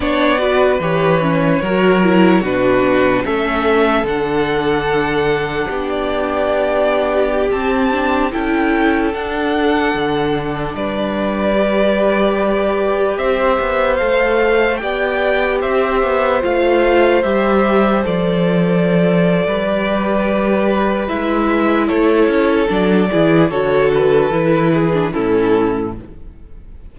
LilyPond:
<<
  \new Staff \with { instrumentName = "violin" } { \time 4/4 \tempo 4 = 74 d''4 cis''2 b'4 | e''4 fis''2~ fis''16 d''8.~ | d''4~ d''16 a''4 g''4 fis''8.~ | fis''4~ fis''16 d''2~ d''8.~ |
d''16 e''4 f''4 g''4 e''8.~ | e''16 f''4 e''4 d''4.~ d''16~ | d''2 e''4 cis''4 | d''4 cis''8 b'4. a'4 | }
  \new Staff \with { instrumentName = "violin" } { \time 4/4 cis''8 b'4. ais'4 fis'4 | a'2. g'4~ | g'2~ g'16 a'4.~ a'16~ | a'4~ a'16 b'2~ b'8.~ |
b'16 c''2 d''4 c''8.~ | c''1 | b'2. a'4~ | a'8 gis'8 a'4. gis'8 e'4 | }
  \new Staff \with { instrumentName = "viola" } { \time 4/4 d'8 fis'8 g'8 cis'8 fis'8 e'8 d'4 | cis'4 d'2.~ | d'4~ d'16 c'8 d'8 e'4 d'8.~ | d'2~ d'16 g'4.~ g'16~ |
g'4~ g'16 a'4 g'4.~ g'16~ | g'16 f'4 g'4 a'4.~ a'16~ | a'16 g'4.~ g'16 e'2 | d'8 e'8 fis'4 e'8. d'16 cis'4 | }
  \new Staff \with { instrumentName = "cello" } { \time 4/4 b4 e4 fis4 b,4 | a4 d2 b4~ | b4~ b16 c'4 cis'4 d'8.~ | d'16 d4 g2~ g8.~ |
g16 c'8 b8 a4 b4 c'8 b16~ | b16 a4 g4 f4.~ f16 | g2 gis4 a8 cis'8 | fis8 e8 d4 e4 a,4 | }
>>